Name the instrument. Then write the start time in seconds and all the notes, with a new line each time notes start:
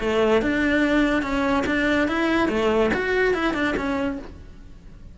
cello
0.00 A3
0.41 D4
1.22 C#4
1.66 D4
2.07 E4
2.48 A3
2.93 F#4
3.33 E4
3.53 D4
3.77 C#4